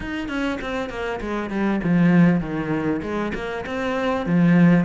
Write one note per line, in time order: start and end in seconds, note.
0.00 0.28 D#4
0.28 0.58 C#4
0.61 0.89 C4
0.89 1.20 A#3
1.20 1.50 G#3
1.50 1.80 G3
1.83 2.40 F3
2.40 3.01 D#3
3.01 3.32 G#3
3.34 3.64 A#3
3.66 4.26 C4
4.26 4.85 F3